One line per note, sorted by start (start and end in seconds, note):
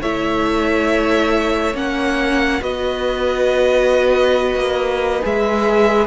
0.00 1.74 A3
0.00 1.73 E4
0.00 2.61 C#5
0.00 1.75 E5
1.73 2.61 A#3
1.73 2.60 C#4
1.73 2.62 F#5
2.60 4.55 B3
2.60 5.21 F#4
2.60 6.07 B4
2.60 5.23 D#5
4.55 5.20 A#3
5.21 6.07 G#3
5.21 6.07 G#4
5.21 6.07 E5